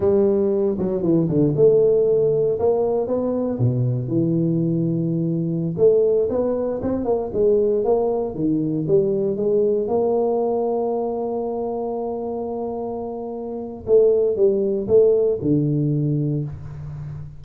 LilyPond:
\new Staff \with { instrumentName = "tuba" } { \time 4/4 \tempo 4 = 117 g4. fis8 e8 d8 a4~ | a4 ais4 b4 b,4 | e2.~ e16 a8.~ | a16 b4 c'8 ais8 gis4 ais8.~ |
ais16 dis4 g4 gis4 ais8.~ | ais1~ | ais2. a4 | g4 a4 d2 | }